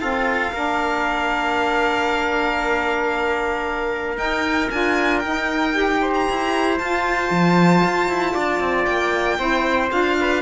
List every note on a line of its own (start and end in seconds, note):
0.00 0.52 C4
0.00 0.52 F4
0.00 0.53 A4
0.00 4.18 F5
0.53 4.17 A#3
0.53 4.16 D4
0.53 6.01 A#4
4.16 4.68 D#4
4.16 4.69 D#4
4.16 4.70 G5
4.70 5.24 D4
4.70 5.23 F4
4.70 5.19 G#5
5.19 6.28 D#4
5.19 5.73 D#4
5.19 6.11 G5
5.73 6.77 G4
6.01 8.34 C5
6.14 6.78 A#5
6.30 6.80 E4
6.78 9.38 F4
6.78 7.31 F4
6.78 8.86 A5
7.31 7.83 F3
7.84 8.09 F4
8.09 8.35 E4
8.34 8.60 D4
8.34 9.38 D5
8.60 8.86 C4
8.86 9.39 A#3
8.86 9.90 G5
9.38 9.91 C4
9.38 9.90 E4
9.38 10.18 C5
9.90 10.42 D4
9.90 10.42 F4
9.90 10.42 F5
10.21 10.42 B4